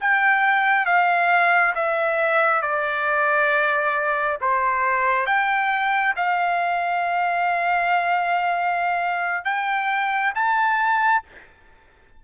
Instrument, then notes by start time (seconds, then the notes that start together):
trumpet
0.00 G5
0.85 F5
1.74 E5
2.61 D5
4.41 C5
5.26 G5
6.16 F5
9.44 G5
10.34 A5